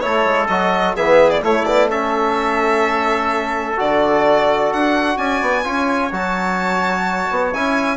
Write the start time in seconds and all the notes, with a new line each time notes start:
0.00 A3 E4 A4 C#5
0.25 G#3
0.48 F#3 F#4 D#5
0.96 E3 B3 G#4 E5
1.30 D5
1.42 A3 E4 C#5
1.65 B3 D5
1.89 C#4 A4 E5
3.76 D3 F#4 D5
4.73 D4 F#5
5.17 C#4 D5 G#5
5.41 B3
5.64 C#4 F4 C#5
6.12 F#3 F#4 A5
7.30 B3
7.53 C#4 E4 G#5